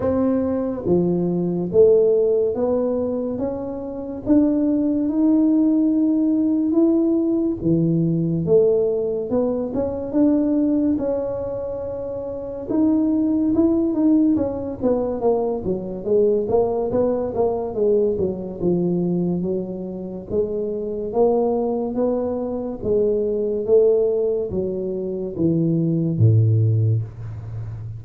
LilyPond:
\new Staff \with { instrumentName = "tuba" } { \time 4/4 \tempo 4 = 71 c'4 f4 a4 b4 | cis'4 d'4 dis'2 | e'4 e4 a4 b8 cis'8 | d'4 cis'2 dis'4 |
e'8 dis'8 cis'8 b8 ais8 fis8 gis8 ais8 | b8 ais8 gis8 fis8 f4 fis4 | gis4 ais4 b4 gis4 | a4 fis4 e4 a,4 | }